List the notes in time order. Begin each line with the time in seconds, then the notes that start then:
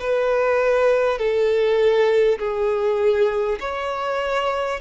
0.00 B4
1.18 A4
2.39 G#4
3.60 C#5